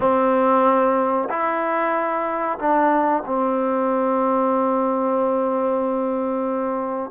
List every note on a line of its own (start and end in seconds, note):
0.00 1.28 C4
1.29 2.58 E4
2.58 3.23 D4
3.26 7.10 C4